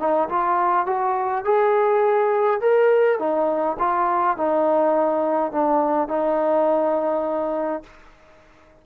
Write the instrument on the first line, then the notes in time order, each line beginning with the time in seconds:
trombone
0.00 D#4
0.29 F4
0.87 F#4
1.45 G#4
2.61 A#4
3.19 D#4
3.79 F4
4.37 D#4
5.52 D4
6.09 D#4